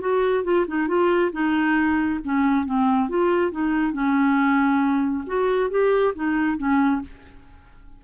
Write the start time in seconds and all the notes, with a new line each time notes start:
0.00 F#4
0.43 F4
0.67 D#4
0.87 F4
1.32 D#4
2.24 C#4
2.65 C4
3.09 F4
3.51 D#4
3.92 C#4
5.26 F#4
5.70 G4
6.15 D#4
6.57 C#4